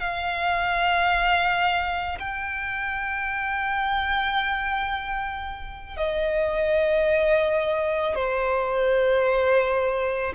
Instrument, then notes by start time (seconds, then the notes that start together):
violin
0.00 F5
2.20 G5
5.97 D#5
8.15 C5